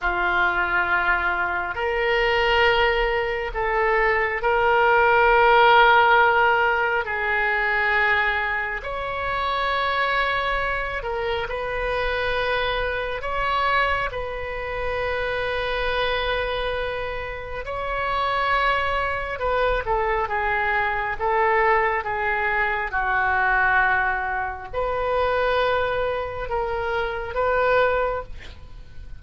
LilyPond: \new Staff \with { instrumentName = "oboe" } { \time 4/4 \tempo 4 = 68 f'2 ais'2 | a'4 ais'2. | gis'2 cis''2~ | cis''8 ais'8 b'2 cis''4 |
b'1 | cis''2 b'8 a'8 gis'4 | a'4 gis'4 fis'2 | b'2 ais'4 b'4 | }